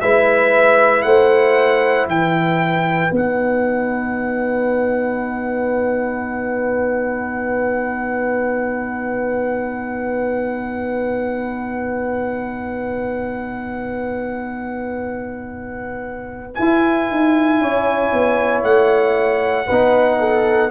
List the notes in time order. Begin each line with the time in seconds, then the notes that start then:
0.00 G#3 E4 B4 E5
1.02 A3 C5 F#5
2.06 E3 B4 G5
3.10 B3 D#4 F#5
16.54 E4 G#5
17.10 D#4
17.61 C#4 C#5
18.13 B3
18.63 A3 F#5
19.66 B3 D#4 B4
20.19 A4